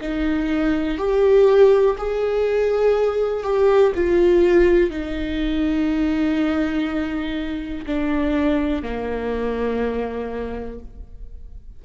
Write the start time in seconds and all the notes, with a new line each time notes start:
0.00 D#4
0.97 G4
1.98 G#4
3.43 G4
3.95 F4
4.90 D#4
7.86 D4
8.83 A#3